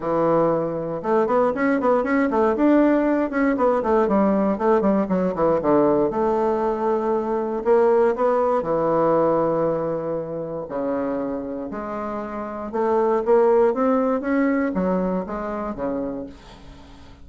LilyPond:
\new Staff \with { instrumentName = "bassoon" } { \time 4/4 \tempo 4 = 118 e2 a8 b8 cis'8 b8 | cis'8 a8 d'4. cis'8 b8 a8 | g4 a8 g8 fis8 e8 d4 | a2. ais4 |
b4 e2.~ | e4 cis2 gis4~ | gis4 a4 ais4 c'4 | cis'4 fis4 gis4 cis4 | }